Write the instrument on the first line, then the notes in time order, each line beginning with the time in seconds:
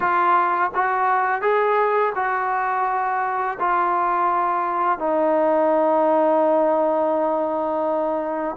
trombone
0.00 F4
0.74 F#4
1.41 G#4
2.15 F#4
3.59 F4
4.98 D#4